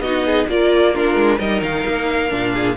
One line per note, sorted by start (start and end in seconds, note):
0.00 0.46 B3
0.00 0.49 D#4
0.00 0.26 F#4
0.00 0.48 D#5
0.26 0.49 G#4
0.48 1.16 A#3
0.48 0.94 F4
0.48 0.94 A#4
0.48 0.96 D5
0.94 1.40 D4
0.94 1.38 F4
0.94 1.40 A#4
1.16 1.39 G#3
1.38 1.63 G3
1.38 2.30 D#4
1.38 2.53 A#4
1.38 1.63 D#5
1.63 1.85 D#3
1.63 2.77 F5
1.87 2.32 A#3
2.30 2.77 A#2
2.30 2.76 D4
2.54 2.77 G#4